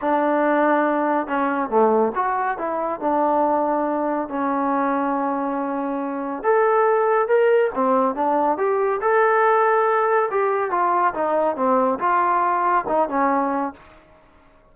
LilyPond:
\new Staff \with { instrumentName = "trombone" } { \time 4/4 \tempo 4 = 140 d'2. cis'4 | a4 fis'4 e'4 d'4~ | d'2 cis'2~ | cis'2. a'4~ |
a'4 ais'4 c'4 d'4 | g'4 a'2. | g'4 f'4 dis'4 c'4 | f'2 dis'8 cis'4. | }